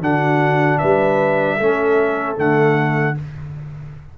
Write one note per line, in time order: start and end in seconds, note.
0.00 0.79 D3
0.00 1.59 D4
0.00 0.79 F#4
0.00 0.78 F#5
0.78 1.60 G3
0.78 1.56 B4
0.78 2.36 E5
1.56 2.37 A3
1.56 2.36 C#4
1.56 3.14 A4
2.36 3.16 D3
2.36 3.15 A3
2.36 3.17 F#5